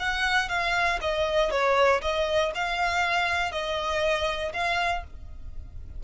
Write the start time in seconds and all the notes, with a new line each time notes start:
0.00 F#5
0.49 F5
1.02 D#5
1.51 C#5
2.02 D#5
2.55 F5
3.52 D#5
4.54 F5